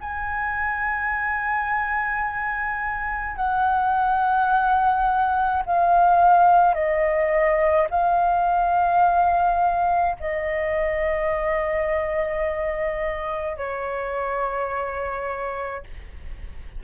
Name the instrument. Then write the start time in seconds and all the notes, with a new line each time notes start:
flute
0.00 G#5
3.36 F#5
5.66 F5
6.74 D#5
7.90 F5
10.19 D#5
13.57 C#5